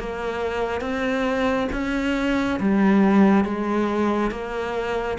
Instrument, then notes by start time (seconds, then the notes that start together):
cello
0.00 A#3
0.81 C4
1.73 C#4
2.60 G3
3.45 G#3
4.31 A#3